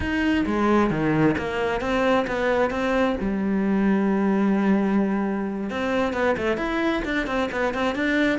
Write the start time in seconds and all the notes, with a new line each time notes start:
0.00 D#4
0.45 G#3
0.90 D#3
1.38 A#3
1.80 C4
2.27 B3
2.70 C4
3.20 G3
5.70 C4
6.13 B3
6.37 A3
6.57 E4
7.05 D4
7.26 C4
7.51 B3
7.74 C4
7.95 D4